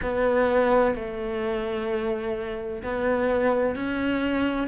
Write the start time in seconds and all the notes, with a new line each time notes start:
0.02 B3
0.95 A3
2.83 B3
3.75 C#4